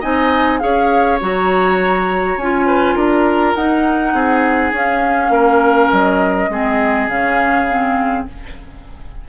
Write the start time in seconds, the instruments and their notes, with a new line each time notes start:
0.00 bassoon C4, clarinet D#4, oboe D#5, flute G#5
0.59 bassoon C#4, clarinet G#4, oboe C#5, flute F5
1.20 bassoon F#3, clarinet F#4, flute A#5
2.37 bassoon C#4, clarinet F4, flute G#5
2.66 oboe B4
2.95 bassoon D4, oboe A#4, flute A#5
3.55 bassoon D#4, clarinet D#4, flute F#5
4.13 bassoon C4, oboe G#4
4.72 bassoon C#4, clarinet C#4, flute F5
5.29 bassoon A#3, oboe A#4
5.91 bassoon F#3, flute D#5
6.49 bassoon G#3, clarinet C4, oboe G#4
7.08 bassoon C#3, clarinet C#4, flute F5
7.69 clarinet C4